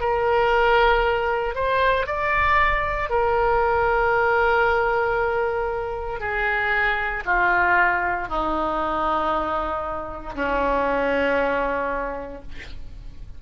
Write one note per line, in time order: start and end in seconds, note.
0.00 1.55 A#4
1.55 2.06 C5
2.06 3.10 D5
3.10 6.20 A#4
6.20 7.24 G#4
7.26 8.29 F4
8.29 10.35 D#4
10.35 12.42 C#4